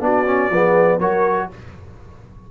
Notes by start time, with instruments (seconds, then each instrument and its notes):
0.00 tuba B3, trombone D4, horn F#4, trumpet D5
0.26 trombone C#4
0.50 tuba F3, trombone B3, horn G#4
0.99 tuba F#3, trombone F#4, horn A#4, trumpet C#5